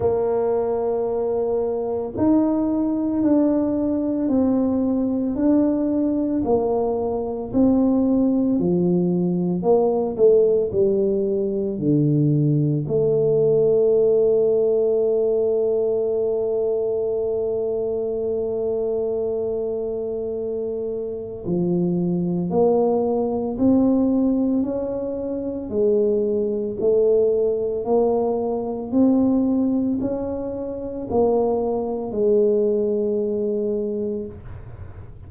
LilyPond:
\new Staff \with { instrumentName = "tuba" } { \time 4/4 \tempo 4 = 56 ais2 dis'4 d'4 | c'4 d'4 ais4 c'4 | f4 ais8 a8 g4 d4 | a1~ |
a1 | f4 ais4 c'4 cis'4 | gis4 a4 ais4 c'4 | cis'4 ais4 gis2 | }